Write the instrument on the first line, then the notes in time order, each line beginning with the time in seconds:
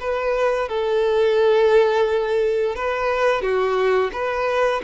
violin
0.00 B4
0.69 A4
2.75 B4
3.42 F#4
4.12 B4